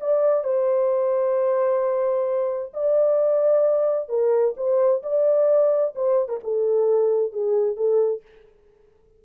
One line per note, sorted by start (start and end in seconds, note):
0.00 0.44 D5
0.44 2.73 C5
2.73 4.09 D5
4.09 4.54 A#4
4.57 5.02 C5
5.03 5.94 D5
5.95 6.28 C5
6.28 6.40 A#4
6.43 7.32 A4
7.32 7.76 G#4
7.76 8.22 A4